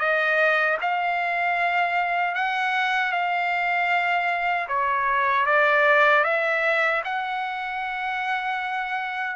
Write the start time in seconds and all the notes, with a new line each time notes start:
0.00 D#5
0.81 F5
2.35 F#5
3.12 F5
4.68 C#5
5.46 D5
6.24 E5
7.05 F#5